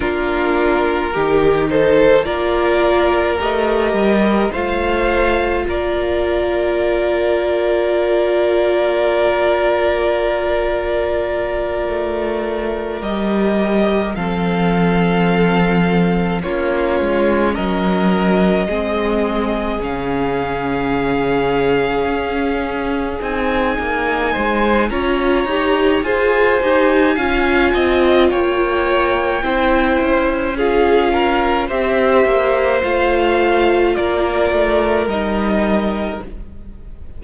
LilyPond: <<
  \new Staff \with { instrumentName = "violin" } { \time 4/4 \tempo 4 = 53 ais'4. c''8 d''4 dis''4 | f''4 d''2.~ | d''2.~ d''8 dis''8~ | dis''8 f''2 cis''4 dis''8~ |
dis''4. f''2~ f''8~ | f''8 gis''4. ais''4 gis''4~ | gis''4 g''2 f''4 | e''4 f''4 d''4 dis''4 | }
  \new Staff \with { instrumentName = "violin" } { \time 4/4 f'4 g'8 a'8 ais'2 | c''4 ais'2.~ | ais'1~ | ais'8 a'2 f'4 ais'8~ |
ais'8 gis'2.~ gis'8~ | gis'4. c''8 cis''4 c''4 | f''8 dis''8 cis''4 c''4 gis'8 ais'8 | c''2 ais'2 | }
  \new Staff \with { instrumentName = "viola" } { \time 4/4 d'4 dis'4 f'4 g'4 | f'1~ | f'2.~ f'8 g'8~ | g'8 c'2 cis'4.~ |
cis'8 c'4 cis'2~ cis'8~ | cis'8 dis'4. f'8 g'8 gis'8 g'8 | f'2 e'4 f'4 | g'4 f'2 dis'4 | }
  \new Staff \with { instrumentName = "cello" } { \time 4/4 ais4 dis4 ais4 a8 g8 | a4 ais2.~ | ais2~ ais8 a4 g8~ | g8 f2 ais8 gis8 fis8~ |
fis8 gis4 cis2 cis'8~ | cis'8 c'8 ais8 gis8 cis'8 dis'8 f'8 dis'8 | cis'8 c'8 ais4 c'8 cis'4. | c'8 ais8 a4 ais8 a8 g4 | }
>>